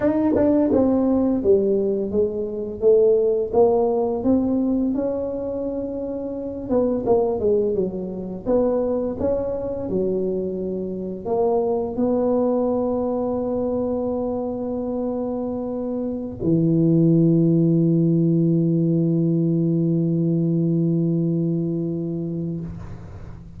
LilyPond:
\new Staff \with { instrumentName = "tuba" } { \time 4/4 \tempo 4 = 85 dis'8 d'8 c'4 g4 gis4 | a4 ais4 c'4 cis'4~ | cis'4. b8 ais8 gis8 fis4 | b4 cis'4 fis2 |
ais4 b2.~ | b2.~ b16 e8.~ | e1~ | e1 | }